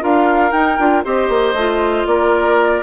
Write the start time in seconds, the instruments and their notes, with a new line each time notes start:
0.00 bassoon D4, clarinet F4, oboe A#4, flute F5
0.51 bassoon D#4, clarinet D#4, flute G5
0.78 bassoon D4, clarinet F4
1.04 bassoon C4, clarinet G4, oboe C5, flute D#5
1.29 bassoon A#3
1.54 bassoon A3, clarinet F4
2.06 bassoon A#3, oboe A#4, flute D5